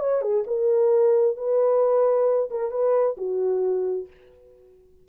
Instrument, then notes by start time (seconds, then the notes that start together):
horn
0.00 C#5
0.22 G#4
0.47 A#4
1.37 B4
2.51 A#4
2.71 B4
3.17 F#4